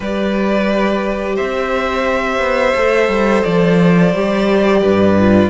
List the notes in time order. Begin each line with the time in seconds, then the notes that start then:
0.00 G3 G4 B4 D5
1.35 C4 C5 E5
2.39 B3
2.76 A3 A4
3.08 G3
3.43 F3 D5
4.14 G3 G4
4.81 G2 B4
5.19 F4